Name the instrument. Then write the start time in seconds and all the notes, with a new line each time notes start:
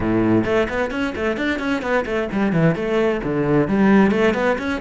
cello
0.00 A2
0.45 A3
0.69 B3
0.91 C#4
1.15 A3
1.36 D4
1.59 C#4
1.82 B3
2.05 A3
2.32 G3
2.52 E3
2.75 A3
3.23 D3
3.68 G3
4.11 A3
4.34 B3
4.58 C#4